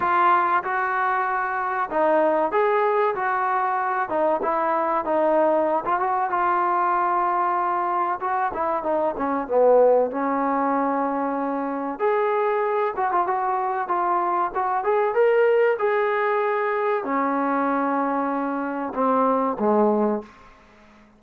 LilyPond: \new Staff \with { instrumentName = "trombone" } { \time 4/4 \tempo 4 = 95 f'4 fis'2 dis'4 | gis'4 fis'4. dis'8 e'4 | dis'4~ dis'16 f'16 fis'8 f'2~ | f'4 fis'8 e'8 dis'8 cis'8 b4 |
cis'2. gis'4~ | gis'8 fis'16 f'16 fis'4 f'4 fis'8 gis'8 | ais'4 gis'2 cis'4~ | cis'2 c'4 gis4 | }